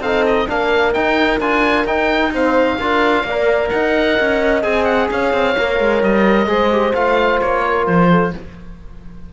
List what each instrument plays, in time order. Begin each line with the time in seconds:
0.00 cello C4, trombone D#4, horn A4, oboe F5
0.26 oboe D#5
0.47 cello A#3, trombone D4, horn A#4, oboe F5
0.93 trombone D#4, cello D#4, oboe G5
1.40 cello D4, trombone F4, oboe G#5
1.85 cello D#4, trombone D#4, oboe G5
2.33 trombone C4, horn C5, oboe F5
2.78 cello D4, trombone F4, horn A#4
3.24 cello A#3, horn D5
3.30 trombone A#4
3.69 cello D#4, horn D#5, oboe F#5
4.20 cello C#4
4.62 cello C4, trombone G#4, oboe G#5
4.85 oboe F#5
5.11 cello C#4, horn C#5, oboe F5
5.33 cello C4
5.58 cello A#3, trombone A#4
5.80 cello G#3
6.02 cello G3, oboe D#5
6.46 cello G#3, trombone G#4, horn C5
6.71 trombone G4
6.94 cello A3, trombone F4, oboe F5
7.41 cello A#3, oboe C#5
7.66 horn A#4
7.86 cello F3, oboe C5
8.10 horn A4